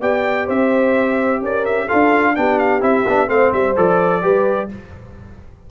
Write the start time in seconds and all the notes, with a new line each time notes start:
0.00 B3 G4 D5 G5
0.46 C4 C5 E5
1.42 C#4 A#4 D5
1.65 E5
1.86 F4 A4 F5
1.93 D4
2.36 B3 D4 G4 G5
2.58 F5
2.80 C4 E4 E5
3.07 B3 D4
3.27 A3 C4 C5 F5
3.53 G3 E5
3.76 F3 A4 D5
4.22 G3 G4 B4